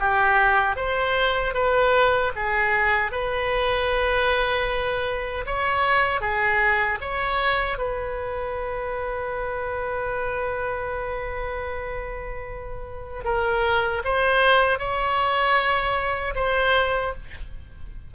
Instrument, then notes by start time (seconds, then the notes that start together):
oboe
0.00 G4
0.77 C5
1.54 B4
2.36 G#4
3.12 B4
5.46 C#5
6.21 G#4
7.01 C#5
7.79 B4
13.25 A#4
14.05 C5
14.79 C#5
16.36 C5